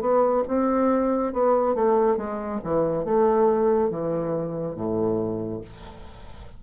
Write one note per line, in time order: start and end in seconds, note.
0.00 0.43 B3
0.47 1.32 C4
1.32 1.75 B3
1.75 2.17 A3
2.17 2.59 G#3
2.63 3.04 E3
3.04 3.90 A3
3.90 4.75 E3
4.75 5.61 A2